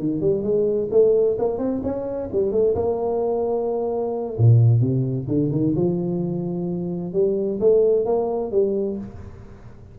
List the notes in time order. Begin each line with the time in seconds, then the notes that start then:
0.00 D#3
0.21 G3
0.43 G#3
0.91 A3
1.39 A#3
1.59 C4
1.84 C#4
2.33 G3
2.52 A3
2.76 A#3
4.38 A#2
4.81 C3
5.28 D3
5.52 D#3
5.76 F3
7.13 G3
7.60 A3
8.06 A#3
8.52 G3